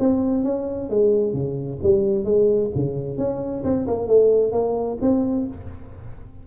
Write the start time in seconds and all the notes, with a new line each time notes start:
0.00 C4
0.44 C#4
0.90 G#3
1.33 C#3
1.83 G3
2.25 G#3
2.75 C#3
3.18 C#4
3.65 C4
3.88 A#3
4.08 A3
4.53 A#3
5.02 C4